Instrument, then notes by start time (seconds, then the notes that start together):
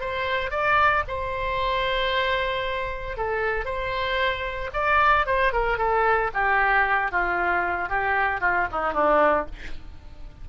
oboe
0.00 C5
0.50 D5
1.08 C5
3.17 A4
3.65 C5
4.73 D5
5.26 C5
5.52 A#4
5.78 A4
6.33 G4
7.11 F4
7.89 G4
8.40 F4
8.72 D#4
8.93 D4